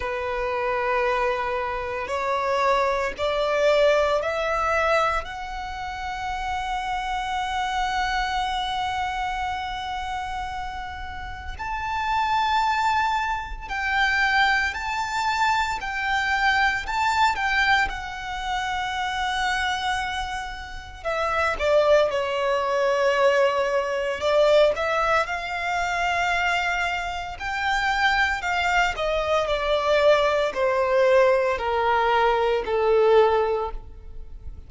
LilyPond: \new Staff \with { instrumentName = "violin" } { \time 4/4 \tempo 4 = 57 b'2 cis''4 d''4 | e''4 fis''2.~ | fis''2. a''4~ | a''4 g''4 a''4 g''4 |
a''8 g''8 fis''2. | e''8 d''8 cis''2 d''8 e''8 | f''2 g''4 f''8 dis''8 | d''4 c''4 ais'4 a'4 | }